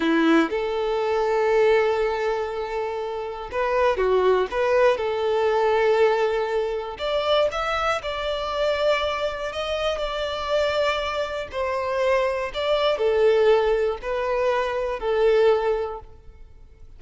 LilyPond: \new Staff \with { instrumentName = "violin" } { \time 4/4 \tempo 4 = 120 e'4 a'2.~ | a'2. b'4 | fis'4 b'4 a'2~ | a'2 d''4 e''4 |
d''2. dis''4 | d''2. c''4~ | c''4 d''4 a'2 | b'2 a'2 | }